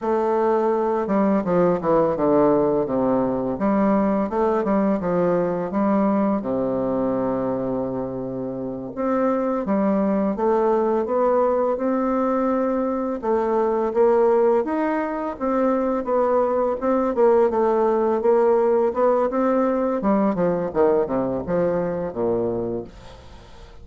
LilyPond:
\new Staff \with { instrumentName = "bassoon" } { \time 4/4 \tempo 4 = 84 a4. g8 f8 e8 d4 | c4 g4 a8 g8 f4 | g4 c2.~ | c8 c'4 g4 a4 b8~ |
b8 c'2 a4 ais8~ | ais8 dis'4 c'4 b4 c'8 | ais8 a4 ais4 b8 c'4 | g8 f8 dis8 c8 f4 ais,4 | }